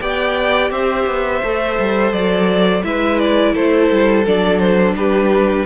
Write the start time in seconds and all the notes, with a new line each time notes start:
0.00 B3 G4 D5 G5
0.70 C4 C5 E5
1.06 B3
1.43 A3 A4
1.79 G3
2.12 F#3 D5
2.83 G#3 E4 B4 E5
3.19 D5
3.54 A3 A4 C5
3.90 G3
4.26 F#3 D4 D5
4.59 C5
4.94 G3 G4 B4